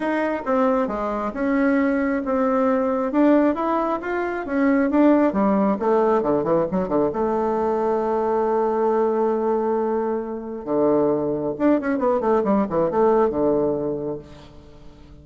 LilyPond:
\new Staff \with { instrumentName = "bassoon" } { \time 4/4 \tempo 4 = 135 dis'4 c'4 gis4 cis'4~ | cis'4 c'2 d'4 | e'4 f'4 cis'4 d'4 | g4 a4 d8 e8 fis8 d8 |
a1~ | a1 | d2 d'8 cis'8 b8 a8 | g8 e8 a4 d2 | }